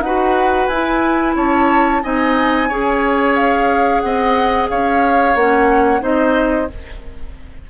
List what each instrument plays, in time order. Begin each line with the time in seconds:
0.00 bassoon D#4, clarinet F#4, oboe B4, flute F#5
0.67 bassoon E4, clarinet E4, flute G#5
1.36 bassoon C#4, oboe C#5, flute A5
2.03 bassoon C4, clarinet D#4, oboe D#5, flute G#5
2.69 bassoon C#4, clarinet G#4, oboe C#5
3.36 flute F5
4.01 bassoon C4, oboe D#5, flute F#5
4.70 bassoon C#4, oboe C#5, flute F5
5.35 bassoon A#3, clarinet C#4, flute F#5
6.00 bassoon C4, clarinet D#4, oboe C5, flute D#5